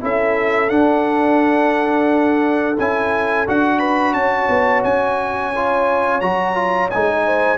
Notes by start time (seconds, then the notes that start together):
0.00 C#4 E4 A4 E5
0.69 D4 F#5
2.78 C#4 E4 G#5
3.47 D4 F#4 F#5
3.78 B4 B5
4.13 C#4 C#5 A5
4.49 B3
4.83 C#4 G#5
5.55 F4
6.20 F#3 F#4 A#5
6.54 F4
6.90 G#3 D#4 G#5
7.25 C5